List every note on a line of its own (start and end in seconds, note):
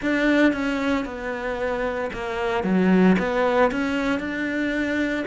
0.01 0.53 D4
0.53 1.05 C#4
1.05 2.10 B3
2.13 2.63 A#3
2.63 3.16 F#3
3.19 3.71 B3
3.71 4.19 C#4
4.19 5.24 D4